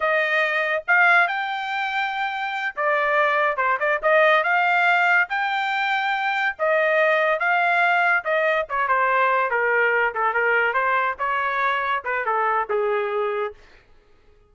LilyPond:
\new Staff \with { instrumentName = "trumpet" } { \time 4/4 \tempo 4 = 142 dis''2 f''4 g''4~ | g''2~ g''8 d''4.~ | d''8 c''8 d''8 dis''4 f''4.~ | f''8 g''2. dis''8~ |
dis''4. f''2 dis''8~ | dis''8 cis''8 c''4. ais'4. | a'8 ais'4 c''4 cis''4.~ | cis''8 b'8 a'4 gis'2 | }